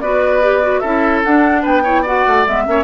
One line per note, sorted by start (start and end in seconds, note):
0.00 0.81 B3
0.00 0.42 F#4
0.00 0.81 B4
0.00 0.79 D5
0.42 0.62 G4
0.62 0.83 F#4
0.79 1.24 C#4
0.79 1.25 E4
0.79 1.62 A4
0.79 1.20 E5
1.24 1.84 D4
1.24 1.65 D4
1.24 1.64 F#5
1.62 2.26 B3
1.62 1.82 B4
1.62 2.06 G5
1.84 2.05 E4
1.84 2.02 C#5
2.02 2.46 F#4
2.02 2.63 D5
2.02 2.47 F#5
2.27 2.47 A3
2.46 2.67 G#3
2.46 2.66 B3
2.46 2.84 E5
2.66 2.84 A#3
2.66 2.84 C#4
2.66 2.84 C#5